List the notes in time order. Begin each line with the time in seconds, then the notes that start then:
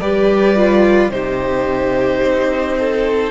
0.00 G3 G4 B4 D5
0.56 F4
1.09 C3 D#4 G4 C5
2.22 C4
2.78 A4